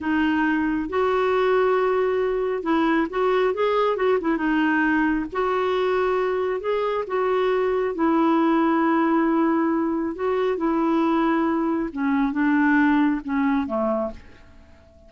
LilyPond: \new Staff \with { instrumentName = "clarinet" } { \time 4/4 \tempo 4 = 136 dis'2 fis'2~ | fis'2 e'4 fis'4 | gis'4 fis'8 e'8 dis'2 | fis'2. gis'4 |
fis'2 e'2~ | e'2. fis'4 | e'2. cis'4 | d'2 cis'4 a4 | }